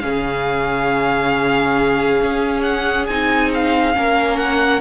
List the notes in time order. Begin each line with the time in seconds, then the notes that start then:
0.00 C#3 C#4 G#4 F5
2.22 C#4
2.62 F#5
3.07 C4 D#4 G#5
3.54 F5
3.94 A#3 C#4 A#4
4.37 F#5